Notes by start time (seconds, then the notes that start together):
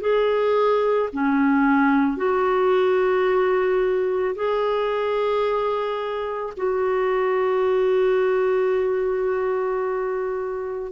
0.00 G#4
1.13 C#4
2.16 F#4
4.35 G#4
6.57 F#4